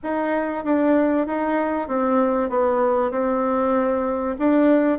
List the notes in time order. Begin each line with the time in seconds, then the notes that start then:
0.03 D#4
0.64 D4
1.26 D#4
1.88 C4
2.49 B3
3.11 C4
4.39 D4